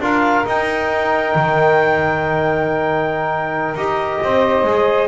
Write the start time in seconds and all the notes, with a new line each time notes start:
0.00 D4 F4 A#4 F5
0.46 D#4 G5
1.35 D#3
3.74 D#4 G4 D#5
4.22 C4 C5
4.63 G#3 G#4